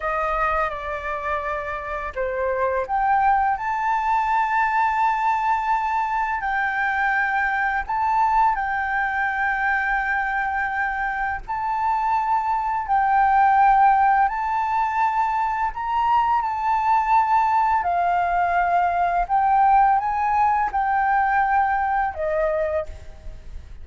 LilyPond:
\new Staff \with { instrumentName = "flute" } { \time 4/4 \tempo 4 = 84 dis''4 d''2 c''4 | g''4 a''2.~ | a''4 g''2 a''4 | g''1 |
a''2 g''2 | a''2 ais''4 a''4~ | a''4 f''2 g''4 | gis''4 g''2 dis''4 | }